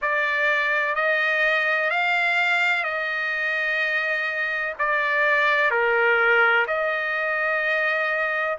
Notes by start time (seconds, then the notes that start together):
0.01 D5
0.95 D#5
1.90 F5
2.83 D#5
4.78 D5
5.70 A#4
6.67 D#5